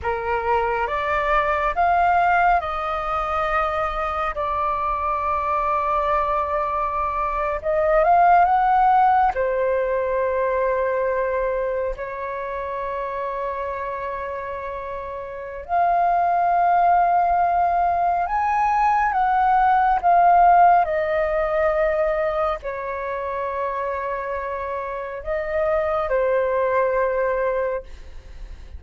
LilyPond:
\new Staff \with { instrumentName = "flute" } { \time 4/4 \tempo 4 = 69 ais'4 d''4 f''4 dis''4~ | dis''4 d''2.~ | d''8. dis''8 f''8 fis''4 c''4~ c''16~ | c''4.~ c''16 cis''2~ cis''16~ |
cis''2 f''2~ | f''4 gis''4 fis''4 f''4 | dis''2 cis''2~ | cis''4 dis''4 c''2 | }